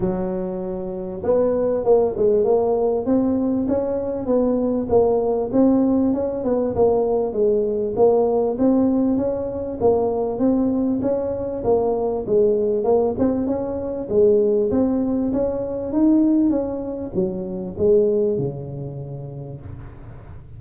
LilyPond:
\new Staff \with { instrumentName = "tuba" } { \time 4/4 \tempo 4 = 98 fis2 b4 ais8 gis8 | ais4 c'4 cis'4 b4 | ais4 c'4 cis'8 b8 ais4 | gis4 ais4 c'4 cis'4 |
ais4 c'4 cis'4 ais4 | gis4 ais8 c'8 cis'4 gis4 | c'4 cis'4 dis'4 cis'4 | fis4 gis4 cis2 | }